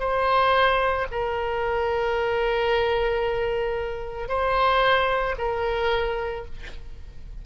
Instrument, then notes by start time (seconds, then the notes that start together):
oboe
0.00 C5
1.12 A#4
4.29 C5
5.38 A#4